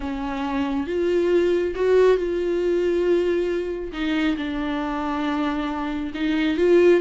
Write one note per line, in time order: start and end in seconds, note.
0.00 0.86 C#4
0.86 1.74 F4
1.75 2.17 F#4
2.17 3.92 F4
3.92 4.36 D#4
4.37 6.12 D4
6.14 6.57 D#4
6.57 7.00 F4